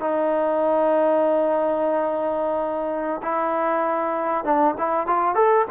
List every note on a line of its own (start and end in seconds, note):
0.00 3.21 D#4
3.23 4.44 E4
4.44 4.75 D4
4.78 5.07 E4
5.07 5.35 F4
5.35 5.65 A4